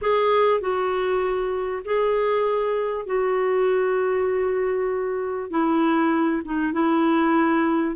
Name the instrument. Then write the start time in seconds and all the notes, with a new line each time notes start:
clarinet
0.01 G#4
0.60 F#4
1.85 G#4
3.06 F#4
5.50 E4
6.45 D#4
6.73 E4